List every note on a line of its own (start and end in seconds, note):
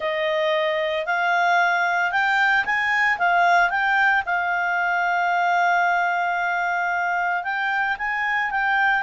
0.00 1.06 D#5
1.06 2.11 F5
2.11 2.64 G5
2.65 3.18 G#5
3.18 3.70 F5
3.70 4.23 G5
4.25 7.43 F5
7.43 7.96 G5
7.98 8.51 G#5
8.51 9.02 G5